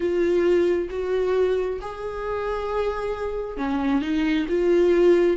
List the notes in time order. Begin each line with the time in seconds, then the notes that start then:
0.00 F4
0.90 F#4
1.81 G#4
3.57 C#4
4.01 D#4
4.49 F4